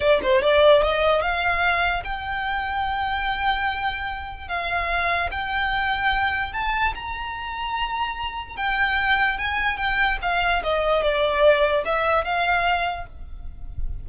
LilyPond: \new Staff \with { instrumentName = "violin" } { \time 4/4 \tempo 4 = 147 d''8 c''8 d''4 dis''4 f''4~ | f''4 g''2.~ | g''2. f''4~ | f''4 g''2. |
a''4 ais''2.~ | ais''4 g''2 gis''4 | g''4 f''4 dis''4 d''4~ | d''4 e''4 f''2 | }